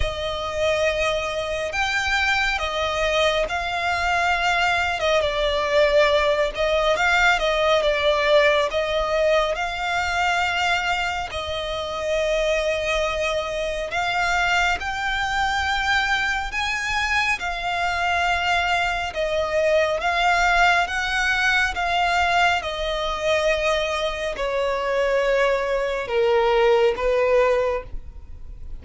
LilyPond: \new Staff \with { instrumentName = "violin" } { \time 4/4 \tempo 4 = 69 dis''2 g''4 dis''4 | f''4.~ f''16 dis''16 d''4. dis''8 | f''8 dis''8 d''4 dis''4 f''4~ | f''4 dis''2. |
f''4 g''2 gis''4 | f''2 dis''4 f''4 | fis''4 f''4 dis''2 | cis''2 ais'4 b'4 | }